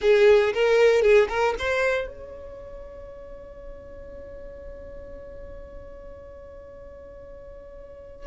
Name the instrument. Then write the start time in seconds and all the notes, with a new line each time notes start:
violin
0.01 G#4
0.53 A#4
1.02 G#4
1.29 A#4
1.58 C5
2.07 C#5